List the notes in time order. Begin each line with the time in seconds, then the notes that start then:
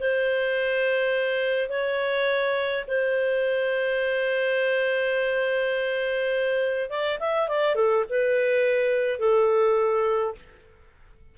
0.00 C5
1.69 C#5
2.88 C5
6.90 D5
7.20 E5
7.48 D5
7.75 A4
8.09 B4
9.19 A4